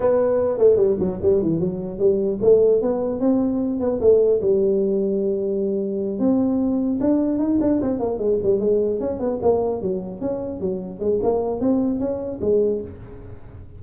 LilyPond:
\new Staff \with { instrumentName = "tuba" } { \time 4/4 \tempo 4 = 150 b4. a8 g8 fis8 g8 e8 | fis4 g4 a4 b4 | c'4. b8 a4 g4~ | g2.~ g8 c'8~ |
c'4. d'4 dis'8 d'8 c'8 | ais8 gis8 g8 gis4 cis'8 b8 ais8~ | ais8 fis4 cis'4 fis4 gis8 | ais4 c'4 cis'4 gis4 | }